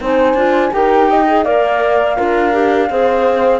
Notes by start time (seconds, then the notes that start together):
0.00 C4 D#4 C5 G#5
0.34 D4 F4
0.71 D#4 G4 A#4 G5
1.10 D#5
1.27 G#4
1.43 A#3 A#4 D5 F5
2.17 D4 F4 A#4
2.52 G4
2.90 C4 G#4 C5